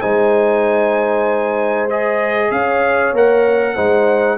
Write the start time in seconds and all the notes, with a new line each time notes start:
0.00 G#3 D#4 C5 G#5
1.89 G#4 D#5
2.51 C#4 C#5 F5
3.13 A#3 A#4 F#5
3.74 G#3 D#4 C5